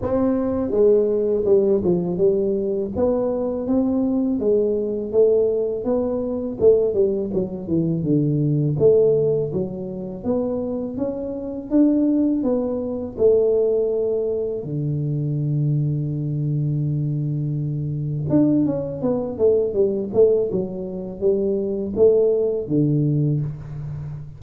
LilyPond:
\new Staff \with { instrumentName = "tuba" } { \time 4/4 \tempo 4 = 82 c'4 gis4 g8 f8 g4 | b4 c'4 gis4 a4 | b4 a8 g8 fis8 e8 d4 | a4 fis4 b4 cis'4 |
d'4 b4 a2 | d1~ | d4 d'8 cis'8 b8 a8 g8 a8 | fis4 g4 a4 d4 | }